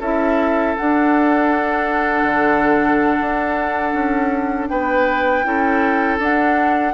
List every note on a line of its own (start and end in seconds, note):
0.00 0.75 C#4
0.00 0.78 E4
0.00 4.69 A4
0.00 0.77 E5
0.77 5.45 D4
0.77 2.24 D4
0.77 4.68 F#5
2.24 3.17 D3
3.21 3.94 D4
3.94 4.69 C#4
4.68 5.45 B3
4.68 5.46 B4
4.68 6.18 G5
5.45 6.19 C#4
5.45 6.20 E4
5.45 6.94 A4
6.19 6.94 D4
6.19 6.94 F#5